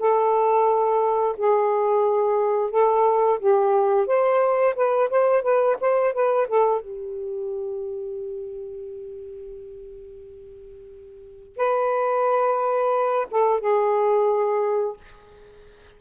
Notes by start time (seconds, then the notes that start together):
0.00 A4
1.38 G#4
2.71 A4
3.40 G4
4.07 C5
4.76 B4
5.10 C5
5.43 B4
5.81 C5
6.14 B4
6.49 A4
6.82 G4
11.57 B4
13.31 A4
13.61 G#4